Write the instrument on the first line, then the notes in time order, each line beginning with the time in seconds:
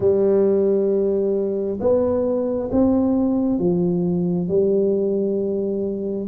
tuba
0.00 G3
1.80 B3
2.71 C4
3.59 F3
4.48 G3